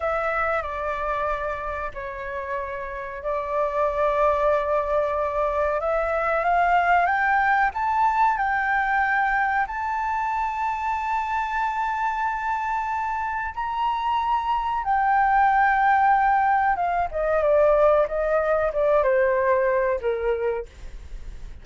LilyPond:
\new Staff \with { instrumentName = "flute" } { \time 4/4 \tempo 4 = 93 e''4 d''2 cis''4~ | cis''4 d''2.~ | d''4 e''4 f''4 g''4 | a''4 g''2 a''4~ |
a''1~ | a''4 ais''2 g''4~ | g''2 f''8 dis''8 d''4 | dis''4 d''8 c''4. ais'4 | }